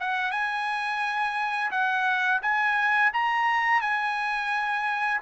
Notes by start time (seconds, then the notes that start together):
0.00 F#5
0.31 G#5
1.71 F#5
2.42 G#5
3.13 A#5
3.81 G#5